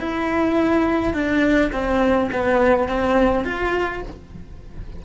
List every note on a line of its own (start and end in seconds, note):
0.00 1.14 E4
1.14 1.71 D4
1.72 2.30 C4
2.32 2.88 B3
2.88 3.45 C4
3.45 4.02 F4